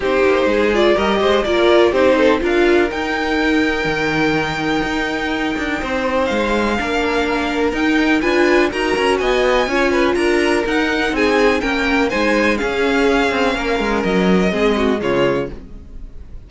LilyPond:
<<
  \new Staff \with { instrumentName = "violin" } { \time 4/4 \tempo 4 = 124 c''4. d''8 dis''4 d''4 | c''4 f''4 g''2~ | g''1~ | g''4 f''2. |
g''4 gis''4 ais''4 gis''4~ | gis''4 ais''4 fis''4 gis''4 | g''4 gis''4 f''2~ | f''4 dis''2 cis''4 | }
  \new Staff \with { instrumentName = "violin" } { \time 4/4 g'4 gis'4 ais'8 c''8 ais'4 | g'8 a'8 ais'2.~ | ais'1 | c''2 ais'2~ |
ais'4 b'4 ais'4 dis''4 | cis''8 b'8 ais'2 gis'4 | ais'4 c''4 gis'2 | ais'2 gis'8 fis'8 f'4 | }
  \new Staff \with { instrumentName = "viola" } { \time 4/4 dis'4. f'8 g'4 f'4 | dis'4 f'4 dis'2~ | dis'1~ | dis'2 d'2 |
dis'4 f'4 fis'2 | f'2 dis'2 | cis'4 dis'4 cis'2~ | cis'2 c'4 gis4 | }
  \new Staff \with { instrumentName = "cello" } { \time 4/4 c'8 ais8 gis4 g8 gis8 ais4 | c'4 d'4 dis'2 | dis2 dis'4. d'8 | c'4 gis4 ais2 |
dis'4 d'4 dis'8 cis'8 b4 | cis'4 d'4 dis'4 c'4 | ais4 gis4 cis'4. c'8 | ais8 gis8 fis4 gis4 cis4 | }
>>